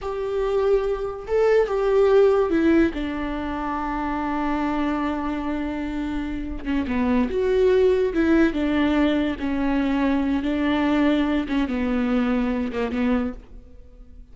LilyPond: \new Staff \with { instrumentName = "viola" } { \time 4/4 \tempo 4 = 144 g'2. a'4 | g'2 e'4 d'4~ | d'1~ | d'1 |
cis'8 b4 fis'2 e'8~ | e'8 d'2 cis'4.~ | cis'4 d'2~ d'8 cis'8 | b2~ b8 ais8 b4 | }